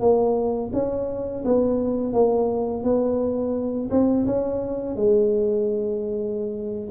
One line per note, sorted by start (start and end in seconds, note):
0.00 0.71 A#3
0.73 1.43 C#4
1.44 2.13 B3
2.13 2.83 A#3
2.83 3.89 B3
3.90 4.26 C4
4.26 4.96 C#4
4.96 6.90 G#3